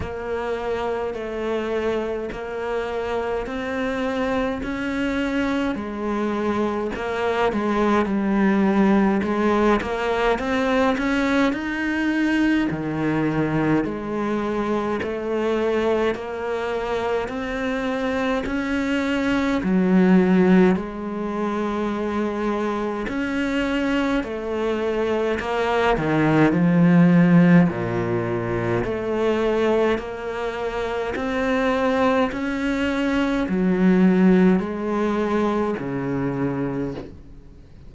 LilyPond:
\new Staff \with { instrumentName = "cello" } { \time 4/4 \tempo 4 = 52 ais4 a4 ais4 c'4 | cis'4 gis4 ais8 gis8 g4 | gis8 ais8 c'8 cis'8 dis'4 dis4 | gis4 a4 ais4 c'4 |
cis'4 fis4 gis2 | cis'4 a4 ais8 dis8 f4 | ais,4 a4 ais4 c'4 | cis'4 fis4 gis4 cis4 | }